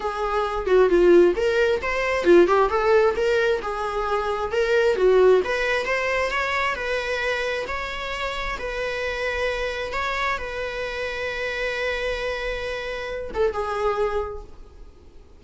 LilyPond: \new Staff \with { instrumentName = "viola" } { \time 4/4 \tempo 4 = 133 gis'4. fis'8 f'4 ais'4 | c''4 f'8 g'8 a'4 ais'4 | gis'2 ais'4 fis'4 | b'4 c''4 cis''4 b'4~ |
b'4 cis''2 b'4~ | b'2 cis''4 b'4~ | b'1~ | b'4. a'8 gis'2 | }